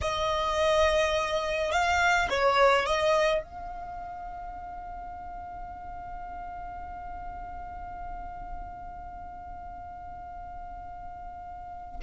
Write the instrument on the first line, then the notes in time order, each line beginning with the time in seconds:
violin
0.01 D#5
1.71 F5
2.29 C#5
2.86 D#5
3.43 F5